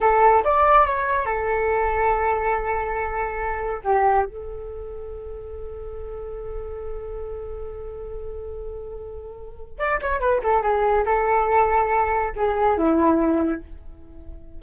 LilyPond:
\new Staff \with { instrumentName = "flute" } { \time 4/4 \tempo 4 = 141 a'4 d''4 cis''4 a'4~ | a'1~ | a'4 g'4 a'2~ | a'1~ |
a'1~ | a'2. d''8 cis''8 | b'8 a'8 gis'4 a'2~ | a'4 gis'4 e'2 | }